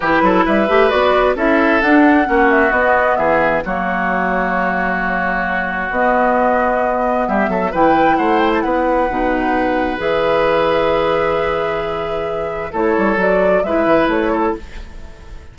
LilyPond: <<
  \new Staff \with { instrumentName = "flute" } { \time 4/4 \tempo 4 = 132 b'4 e''4 d''4 e''4 | fis''4. e''8 dis''4 e''4 | cis''1~ | cis''4 dis''2. |
e''4 g''4 fis''8 g''16 a''16 fis''4~ | fis''2 e''2~ | e''1 | cis''4 d''4 e''4 cis''4 | }
  \new Staff \with { instrumentName = "oboe" } { \time 4/4 g'8 a'8 b'2 a'4~ | a'4 fis'2 gis'4 | fis'1~ | fis'1 |
g'8 a'8 b'4 c''4 b'4~ | b'1~ | b'1 | a'2 b'4. a'8 | }
  \new Staff \with { instrumentName = "clarinet" } { \time 4/4 e'4. g'8 fis'4 e'4 | d'4 cis'4 b2 | ais1~ | ais4 b2.~ |
b4 e'2. | dis'2 gis'2~ | gis'1 | e'4 fis'4 e'2 | }
  \new Staff \with { instrumentName = "bassoon" } { \time 4/4 e8 fis8 g8 a8 b4 cis'4 | d'4 ais4 b4 e4 | fis1~ | fis4 b2. |
g8 fis8 e4 a4 b4 | b,2 e2~ | e1 | a8 g8 fis4 gis8 e8 a4 | }
>>